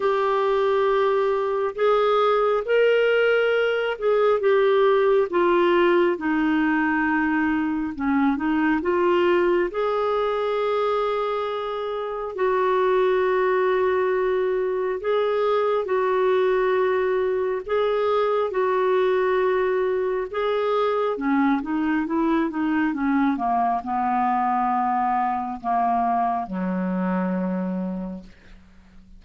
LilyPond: \new Staff \with { instrumentName = "clarinet" } { \time 4/4 \tempo 4 = 68 g'2 gis'4 ais'4~ | ais'8 gis'8 g'4 f'4 dis'4~ | dis'4 cis'8 dis'8 f'4 gis'4~ | gis'2 fis'2~ |
fis'4 gis'4 fis'2 | gis'4 fis'2 gis'4 | cis'8 dis'8 e'8 dis'8 cis'8 ais8 b4~ | b4 ais4 fis2 | }